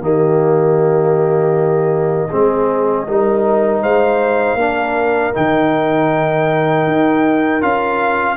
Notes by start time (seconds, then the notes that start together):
0.00 D#3 A#3 G4 D#5
2.29 G#3 C4 G#4
3.08 G3 D#4 A#4
3.82 G#3 C5 F5
4.55 A#3 D4 A#4
5.33 D#3 D#4 G5
6.87 D#4
7.61 C#4 F4 F5